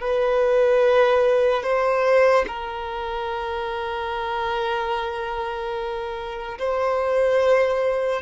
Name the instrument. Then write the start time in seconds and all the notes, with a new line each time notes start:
violin
0.00 B4
1.63 C5
2.47 A#4
6.58 C5